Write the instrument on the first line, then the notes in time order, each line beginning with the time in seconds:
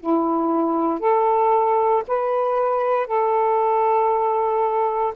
saxophone
0.00 E4
1.00 A4
2.08 B4
3.07 A4